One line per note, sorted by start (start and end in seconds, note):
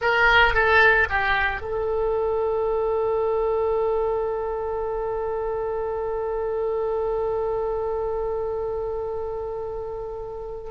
0.01 0.54 A#4
0.54 1.07 A4
1.09 1.61 G4
1.61 10.70 A4